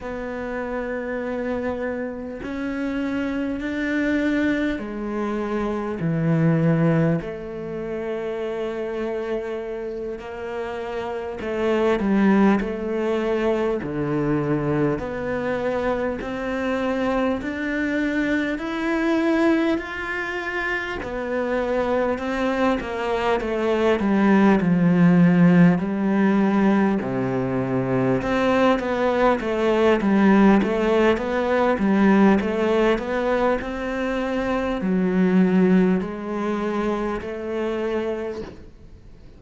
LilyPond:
\new Staff \with { instrumentName = "cello" } { \time 4/4 \tempo 4 = 50 b2 cis'4 d'4 | gis4 e4 a2~ | a8 ais4 a8 g8 a4 d8~ | d8 b4 c'4 d'4 e'8~ |
e'8 f'4 b4 c'8 ais8 a8 | g8 f4 g4 c4 c'8 | b8 a8 g8 a8 b8 g8 a8 b8 | c'4 fis4 gis4 a4 | }